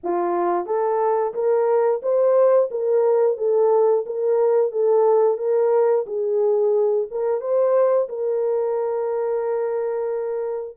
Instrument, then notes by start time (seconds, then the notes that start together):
horn
0.03 F4
0.66 A4
1.34 A#4
2.02 C5
2.70 A#4
3.37 A4
4.05 A#4
4.71 A4
5.37 A#4
6.06 G#4
7.10 A#4
7.40 C5
8.08 A#4